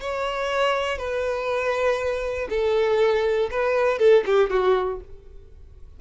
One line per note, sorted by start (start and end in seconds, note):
0.00 0.98 C#5
0.98 2.48 B4
2.49 3.49 A4
3.50 3.99 B4
3.99 4.24 A4
4.26 4.50 G4
4.50 5.00 F#4